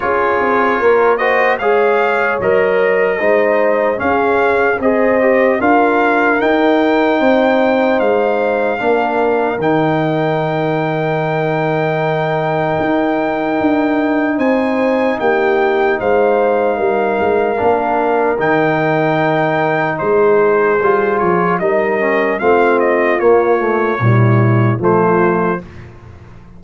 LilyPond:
<<
  \new Staff \with { instrumentName = "trumpet" } { \time 4/4 \tempo 4 = 75 cis''4. dis''8 f''4 dis''4~ | dis''4 f''4 dis''4 f''4 | g''2 f''2 | g''1~ |
g''2 gis''4 g''4 | f''2. g''4~ | g''4 c''4. cis''8 dis''4 | f''8 dis''8 cis''2 c''4 | }
  \new Staff \with { instrumentName = "horn" } { \time 4/4 gis'4 ais'8 c''8 cis''2 | c''4 gis'4 c''4 ais'4~ | ais'4 c''2 ais'4~ | ais'1~ |
ais'2 c''4 g'4 | c''4 ais'2.~ | ais'4 gis'2 ais'4 | f'2 e'4 f'4 | }
  \new Staff \with { instrumentName = "trombone" } { \time 4/4 f'4. fis'8 gis'4 ais'4 | dis'4 cis'4 gis'8 g'8 f'4 | dis'2. d'4 | dis'1~ |
dis'1~ | dis'2 d'4 dis'4~ | dis'2 f'4 dis'8 cis'8 | c'4 ais8 a8 g4 a4 | }
  \new Staff \with { instrumentName = "tuba" } { \time 4/4 cis'8 c'8 ais4 gis4 fis4 | gis4 cis'4 c'4 d'4 | dis'4 c'4 gis4 ais4 | dis1 |
dis'4 d'4 c'4 ais4 | gis4 g8 gis8 ais4 dis4~ | dis4 gis4 g8 f8 g4 | a4 ais4 ais,4 f4 | }
>>